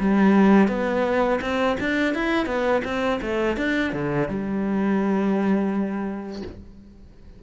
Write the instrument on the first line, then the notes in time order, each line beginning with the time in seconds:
cello
0.00 G3
0.69 B3
1.42 C4
1.80 D4
2.15 E4
2.46 B3
2.85 C4
3.22 A3
3.57 D4
3.93 D3
4.29 G3